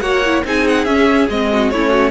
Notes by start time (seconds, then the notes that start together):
0.00 A#3 F#4 C#5 F#5
0.25 E4
0.44 C4 D#4 G#4 G#5
0.68 F#5
0.85 C#4 E5
1.29 G#3 C4 D#5
1.53 F#4
1.69 A3 C#4 E4 C#5
1.89 F#4